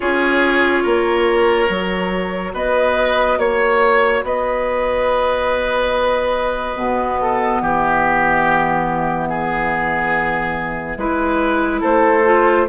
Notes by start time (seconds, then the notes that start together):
0.00 C#4 F4 G#4 C#5
0.83 A#3 A#4
1.67 F#3 F#4
2.53 B3 B4 D#5
3.38 A#3 C#5
4.23 B3 B4 D#5
6.75 B2 B3
7.21 A4
7.61 E3 G4 E5
9.29 G#4
10.97 G#3 E4 B4
11.80 A3 A4 C5
12.24 F4